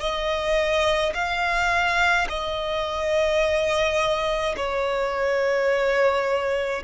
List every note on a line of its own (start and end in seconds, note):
0.00 1.13 D#5
1.14 2.27 F5
2.29 4.55 D#5
4.56 6.83 C#5